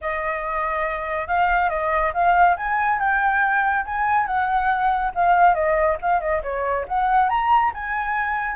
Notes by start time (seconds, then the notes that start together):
0.01 D#5
1.27 F5
1.69 D#5
2.13 F5
2.56 G#5
2.99 G5
3.85 G#5
4.26 F#5
5.14 F5
5.54 D#5
6.01 F5
6.20 D#5
6.42 C#5
6.88 F#5
7.29 A#5
7.74 G#5